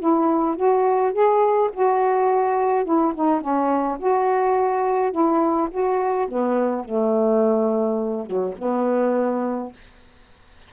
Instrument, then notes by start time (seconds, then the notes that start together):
saxophone
0.00 E4
0.56 F#4
1.13 G#4
1.74 F#4
2.85 E4
3.15 D#4
3.41 C#4
3.99 F#4
5.12 E4
5.71 F#4
6.28 B3
6.85 A3
8.26 F#3
8.58 B3